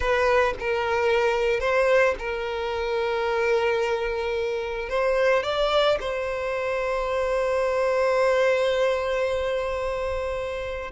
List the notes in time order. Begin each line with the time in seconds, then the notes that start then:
0.00 B4
0.59 A#4
1.60 C5
2.18 A#4
4.89 C5
5.43 D5
6.00 C5